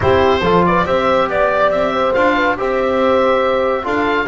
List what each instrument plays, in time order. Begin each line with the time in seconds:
0.00 double bass C4, trombone E4, horn G4, oboe C5
0.41 double bass F3, trombone F4, horn A4
0.65 horn B4, oboe D5
0.86 double bass C4, trombone G4, horn C5, oboe E5
1.29 double bass B3, oboe D5, horn D5
1.69 double bass C4, oboe E5
1.92 horn C5
2.13 double bass D4, trombone F4, oboe F5
2.35 horn B4
2.57 double bass C4, trombone G4, horn C5, oboe E5
3.83 double bass D4, trombone F4, horn A4, oboe F5